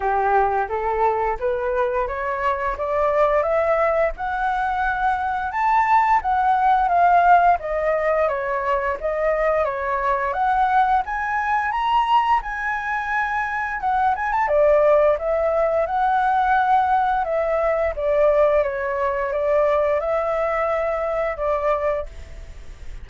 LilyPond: \new Staff \with { instrumentName = "flute" } { \time 4/4 \tempo 4 = 87 g'4 a'4 b'4 cis''4 | d''4 e''4 fis''2 | a''4 fis''4 f''4 dis''4 | cis''4 dis''4 cis''4 fis''4 |
gis''4 ais''4 gis''2 | fis''8 gis''16 a''16 d''4 e''4 fis''4~ | fis''4 e''4 d''4 cis''4 | d''4 e''2 d''4 | }